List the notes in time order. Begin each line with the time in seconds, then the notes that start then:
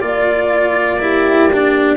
0.00 A#3 F4 D5
0.99 E4 G4
1.53 D4